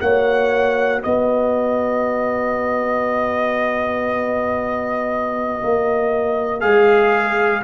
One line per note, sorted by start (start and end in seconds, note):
0.00 1.03 A#3
0.00 6.60 F#4
0.00 1.02 C#5
0.00 1.02 F#5
1.02 5.62 B3
1.02 7.63 B4
1.02 6.61 D#5
5.63 6.63 A#3
6.60 7.63 G#3
6.60 7.62 G#4
6.60 7.62 F5